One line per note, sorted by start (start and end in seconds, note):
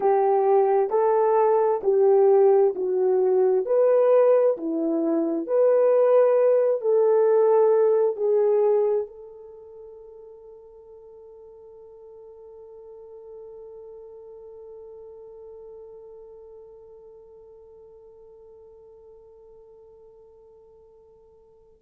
0.00 0.90 G4
0.90 1.81 A4
1.83 2.74 G4
2.75 3.65 F#4
3.65 4.56 B4
4.57 5.47 E4
5.47 6.81 B4
6.81 8.16 A4
8.16 9.07 G#4
9.07 21.79 A4